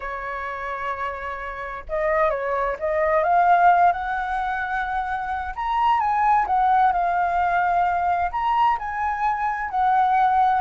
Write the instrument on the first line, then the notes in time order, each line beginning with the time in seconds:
flute
0.00 C#5
1.89 D#5
2.30 C#5
2.79 D#5
3.23 F5
3.92 F#5
5.55 A#5
5.99 G#5
6.47 F#5
6.92 F5
8.31 A#5
8.79 G#5
9.70 F#5